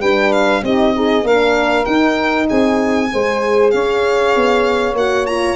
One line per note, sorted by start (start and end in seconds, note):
0.00 0.62 G3
0.00 0.65 D4
0.00 0.62 B4
0.00 0.32 G5
0.32 0.63 F5
0.63 1.24 C4
0.63 0.95 D#4
0.63 0.93 G4
0.63 1.27 D#5
0.93 1.24 D#4
0.93 1.26 G#4
1.24 1.86 A#3
1.24 1.86 D4
1.24 2.47 A#4
1.24 1.85 F5
1.85 3.10 D#4
1.85 2.49 D#4
1.85 2.47 G5
2.47 3.13 C4
2.47 3.09 G#4
2.47 3.71 G#5
3.12 3.74 G#3
3.12 4.98 G#4
3.12 3.74 C5
3.71 4.36 C#4
3.71 5.56 C#5
3.71 4.95 F5
4.36 4.93 B3
4.93 5.55 A#3
4.93 5.27 F#4
4.93 5.26 F#5
5.26 5.56 F4
5.26 5.56 A#5